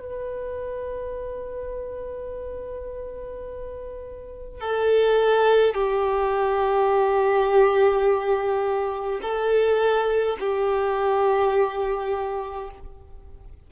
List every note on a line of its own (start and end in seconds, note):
0.00 4.60 B4
4.60 5.74 A4
5.74 9.20 G4
9.22 10.37 A4
10.40 12.70 G4